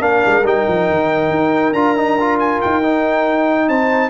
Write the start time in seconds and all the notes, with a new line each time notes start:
0.00 A#3 D4 A#4 F5
0.26 G#3
0.44 G3 D#4 G5
0.68 F3
0.89 D#3
1.30 D#4
1.72 D4 F4 A#5
1.97 D#4
2.20 F4
2.39 G#5
2.61 D#4 G5
2.82 D#4
3.68 C4 C5 A5